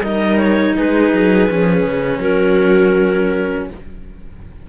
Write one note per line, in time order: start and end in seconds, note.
0.00 0.73 G3
0.00 1.49 D#4
0.00 0.75 A#4
0.00 0.38 D#5
0.38 0.75 C#5
0.77 1.12 G#3
0.77 2.20 G#4
0.77 2.21 B4
1.12 1.49 F#3
1.49 1.84 F3
1.49 3.69 C#4
1.84 2.18 C#3
2.18 3.64 F#3
2.18 3.67 F#4
2.18 3.68 A#4